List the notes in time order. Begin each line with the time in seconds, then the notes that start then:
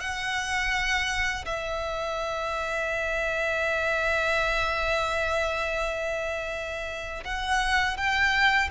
0.00 F#5
1.46 E5
7.25 F#5
7.97 G5